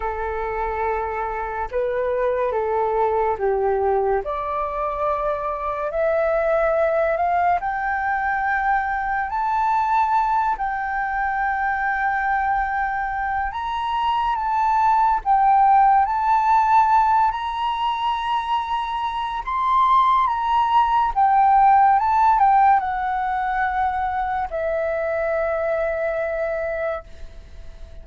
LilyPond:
\new Staff \with { instrumentName = "flute" } { \time 4/4 \tempo 4 = 71 a'2 b'4 a'4 | g'4 d''2 e''4~ | e''8 f''8 g''2 a''4~ | a''8 g''2.~ g''8 |
ais''4 a''4 g''4 a''4~ | a''8 ais''2~ ais''8 c'''4 | ais''4 g''4 a''8 g''8 fis''4~ | fis''4 e''2. | }